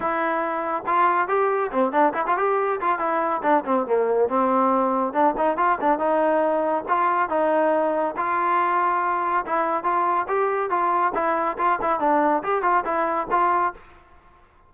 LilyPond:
\new Staff \with { instrumentName = "trombone" } { \time 4/4 \tempo 4 = 140 e'2 f'4 g'4 | c'8 d'8 e'16 f'16 g'4 f'8 e'4 | d'8 c'8 ais4 c'2 | d'8 dis'8 f'8 d'8 dis'2 |
f'4 dis'2 f'4~ | f'2 e'4 f'4 | g'4 f'4 e'4 f'8 e'8 | d'4 g'8 f'8 e'4 f'4 | }